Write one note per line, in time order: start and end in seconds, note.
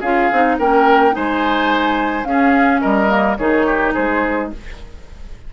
0.00 0.30 C#4
0.00 0.32 F4
0.00 0.56 G#4
0.00 0.57 F5
0.32 0.59 C4
0.32 0.61 D#4
0.59 1.15 A#3
0.59 1.12 C#4
0.59 1.15 A#4
0.59 1.15 G5
1.12 2.24 G#3
1.12 2.24 D#4
1.12 2.28 C5
1.12 2.25 G#5
2.24 2.80 C#4
2.24 3.08 C#4
2.24 2.81 G#4
2.24 2.81 F5
2.81 3.38 G3
2.81 3.37 A#4
2.81 3.37 D#5
3.08 3.36 A#3
3.37 3.94 D#3
3.37 4.52 D#4
3.37 3.67 G#4
3.37 3.93 C#5
3.67 3.94 G4
3.94 4.53 G#3
3.94 4.50 G#4
3.94 4.51 C5